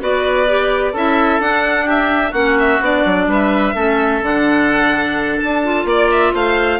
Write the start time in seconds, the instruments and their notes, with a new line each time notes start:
0.00 bassoon B3, clarinet F#4, oboe B4, violin D5
0.48 clarinet G4
0.93 bassoon C#4, clarinet E4, oboe A4, violin E5
1.39 bassoon D4, clarinet D4, violin F#5
1.85 oboe G4, violin E5
2.31 bassoon A#3, clarinet C#4, oboe F#4, violin F#5
2.59 violin E5
2.80 bassoon B3, clarinet D4, violin D5
3.05 bassoon F#3
3.27 bassoon G3, oboe B4, violin E5
3.75 bassoon A3, clarinet C#4, oboe A4
4.22 bassoon D3, clarinet D4, violin F#5
5.40 bassoon D4, violin A5
5.64 clarinet F4
5.85 bassoon A#3, violin D5, oboe D5
6.11 violin E5
6.34 bassoon A3, oboe C5, violin F5